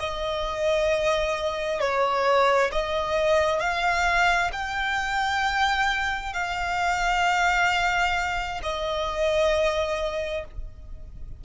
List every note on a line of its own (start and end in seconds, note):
0.00 1.80 D#5
1.80 2.71 C#5
2.72 3.60 D#5
3.60 4.51 F5
4.52 6.33 G5
6.33 8.61 F5
8.63 10.45 D#5